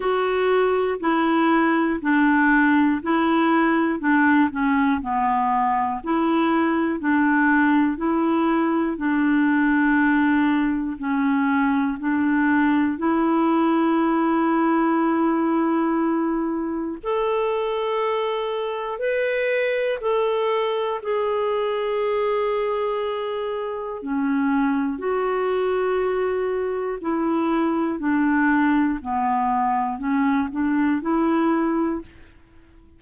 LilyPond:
\new Staff \with { instrumentName = "clarinet" } { \time 4/4 \tempo 4 = 60 fis'4 e'4 d'4 e'4 | d'8 cis'8 b4 e'4 d'4 | e'4 d'2 cis'4 | d'4 e'2.~ |
e'4 a'2 b'4 | a'4 gis'2. | cis'4 fis'2 e'4 | d'4 b4 cis'8 d'8 e'4 | }